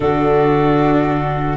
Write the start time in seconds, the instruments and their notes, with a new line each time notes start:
0.00 tuba D3, viola D4, flute F#4, clarinet A4